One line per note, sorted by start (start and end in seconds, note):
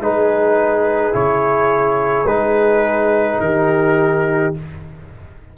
0.00 1.13 G#3
0.00 1.12 D#4
0.00 3.42 G#4
0.00 1.14 B4
1.12 2.25 C#3
1.12 2.26 E4
1.12 2.27 C#5
2.25 3.38 G#3
2.25 4.54 D#4
2.25 3.40 B4
3.40 4.54 D#3
3.40 4.57 G4
3.40 4.53 A#4